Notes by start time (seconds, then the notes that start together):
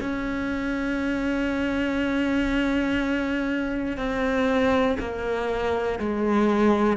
0.00 C#4
3.97 C4
5.00 A#3
5.99 G#3